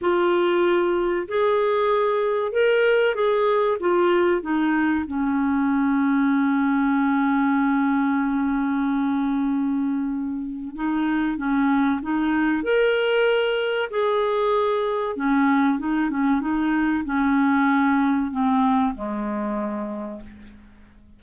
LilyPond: \new Staff \with { instrumentName = "clarinet" } { \time 4/4 \tempo 4 = 95 f'2 gis'2 | ais'4 gis'4 f'4 dis'4 | cis'1~ | cis'1~ |
cis'4 dis'4 cis'4 dis'4 | ais'2 gis'2 | cis'4 dis'8 cis'8 dis'4 cis'4~ | cis'4 c'4 gis2 | }